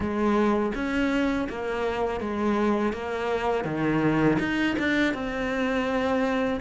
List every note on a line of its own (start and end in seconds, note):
0.00 0.72 G#3
0.75 1.48 C#4
1.49 2.20 A#3
2.20 2.92 G#3
2.92 3.64 A#3
3.64 4.37 D#3
4.39 4.76 D#4
4.78 5.14 D4
5.14 6.60 C4